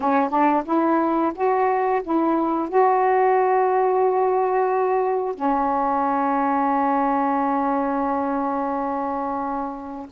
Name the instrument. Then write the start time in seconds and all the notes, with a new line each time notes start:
saxophone
0.00 C#4
0.29 D4
0.65 E4
1.34 F#4
2.03 E4
2.68 F#4
5.34 C#4